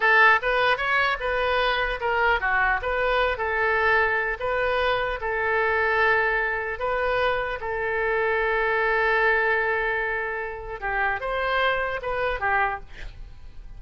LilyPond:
\new Staff \with { instrumentName = "oboe" } { \time 4/4 \tempo 4 = 150 a'4 b'4 cis''4 b'4~ | b'4 ais'4 fis'4 b'4~ | b'8 a'2~ a'8 b'4~ | b'4 a'2.~ |
a'4 b'2 a'4~ | a'1~ | a'2. g'4 | c''2 b'4 g'4 | }